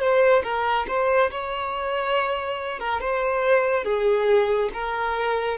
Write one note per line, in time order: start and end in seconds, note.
0.00 0.43 C5
0.44 0.86 A#4
0.88 1.31 C5
1.31 2.80 C#5
2.80 3.01 A#4
3.01 3.85 C5
3.85 4.70 G#4
4.74 5.58 A#4